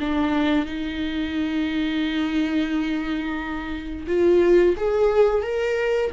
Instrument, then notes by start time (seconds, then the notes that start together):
viola
0.00 D4
0.65 D#4
4.07 F4
4.77 G#4
5.42 A#4